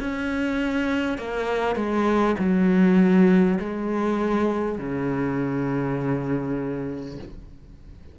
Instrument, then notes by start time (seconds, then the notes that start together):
cello
0.00 C#4
1.18 A#3
1.76 G#3
2.38 F#3
3.59 G#3
4.78 C#3